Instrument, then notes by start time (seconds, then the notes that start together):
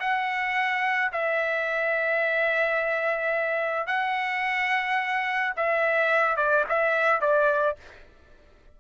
trumpet
0.00 F#5
1.13 E5
3.87 F#5
5.57 E5
6.37 D5
6.69 E5
7.21 D5